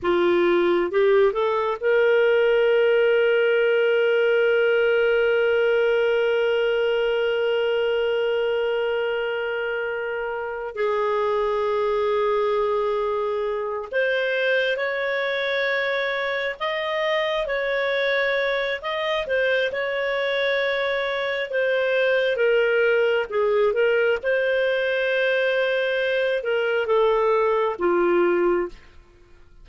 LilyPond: \new Staff \with { instrumentName = "clarinet" } { \time 4/4 \tempo 4 = 67 f'4 g'8 a'8 ais'2~ | ais'1~ | ais'1 | gis'2.~ gis'8 c''8~ |
c''8 cis''2 dis''4 cis''8~ | cis''4 dis''8 c''8 cis''2 | c''4 ais'4 gis'8 ais'8 c''4~ | c''4. ais'8 a'4 f'4 | }